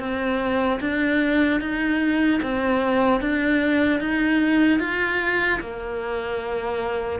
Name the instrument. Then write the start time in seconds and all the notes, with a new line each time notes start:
cello
0.00 C4
0.81 D4
1.61 D#4
2.43 C4
3.21 D4
4.00 D#4
4.80 F4
5.61 A#3